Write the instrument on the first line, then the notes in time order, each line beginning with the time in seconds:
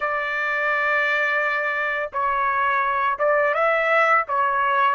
trumpet
0.00 D5
2.12 C#5
3.19 D5
3.54 E5
4.28 C#5